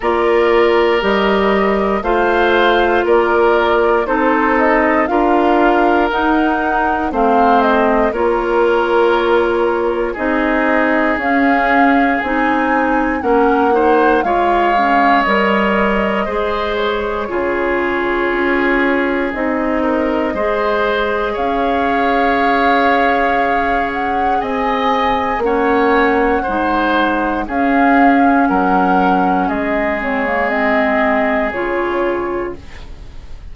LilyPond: <<
  \new Staff \with { instrumentName = "flute" } { \time 4/4 \tempo 4 = 59 d''4 dis''4 f''4 d''4 | c''8 dis''8 f''4 fis''4 f''8 dis''8 | cis''2 dis''4 f''4 | gis''4 fis''4 f''4 dis''4~ |
dis''8 cis''2~ cis''8 dis''4~ | dis''4 f''2~ f''8 fis''8 | gis''4 fis''2 f''4 | fis''4 dis''8 cis''8 dis''4 cis''4 | }
  \new Staff \with { instrumentName = "oboe" } { \time 4/4 ais'2 c''4 ais'4 | a'4 ais'2 c''4 | ais'2 gis'2~ | gis'4 ais'8 c''8 cis''2 |
c''4 gis'2~ gis'8 ais'8 | c''4 cis''2. | dis''4 cis''4 c''4 gis'4 | ais'4 gis'2. | }
  \new Staff \with { instrumentName = "clarinet" } { \time 4/4 f'4 g'4 f'2 | dis'4 f'4 dis'4 c'4 | f'2 dis'4 cis'4 | dis'4 cis'8 dis'8 f'8 cis'8 ais'4 |
gis'4 f'2 dis'4 | gis'1~ | gis'4 cis'4 dis'4 cis'4~ | cis'4. c'16 ais16 c'4 f'4 | }
  \new Staff \with { instrumentName = "bassoon" } { \time 4/4 ais4 g4 a4 ais4 | c'4 d'4 dis'4 a4 | ais2 c'4 cis'4 | c'4 ais4 gis4 g4 |
gis4 cis4 cis'4 c'4 | gis4 cis'2. | c'4 ais4 gis4 cis'4 | fis4 gis2 cis4 | }
>>